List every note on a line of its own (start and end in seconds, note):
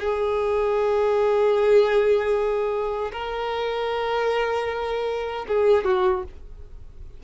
0.00 3.12 G#4
3.12 5.46 A#4
5.48 5.85 G#4
5.85 6.24 F#4